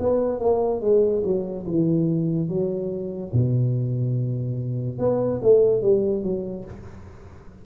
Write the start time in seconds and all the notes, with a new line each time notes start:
0.00 B3
0.40 A#3
0.81 G#3
1.24 F#3
1.67 E3
2.49 F#3
3.33 B2
4.99 B3
5.42 A3
5.82 G3
6.23 F#3